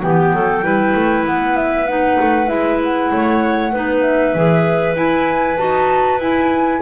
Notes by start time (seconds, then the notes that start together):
0.00 E3 B3 G4 G5
0.33 F#3 A4
0.62 G3 E4 B4
0.95 A3
1.24 B3 F#5
1.56 E5
1.87 D#4 F#5
2.20 A3
2.47 G#3 E4 E5
2.83 F#5
3.12 A3 C#5
3.72 B3 D#4 B4
4.02 E5
4.34 E3 G#4
4.95 E4 G#5
5.57 D#4 F#4 A5
6.18 E4 G#5